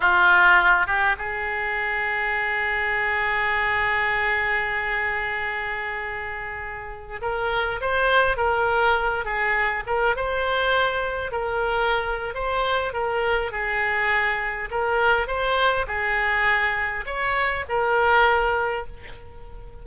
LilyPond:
\new Staff \with { instrumentName = "oboe" } { \time 4/4 \tempo 4 = 102 f'4. g'8 gis'2~ | gis'1~ | gis'1~ | gis'16 ais'4 c''4 ais'4. gis'16~ |
gis'8. ais'8 c''2 ais'8.~ | ais'4 c''4 ais'4 gis'4~ | gis'4 ais'4 c''4 gis'4~ | gis'4 cis''4 ais'2 | }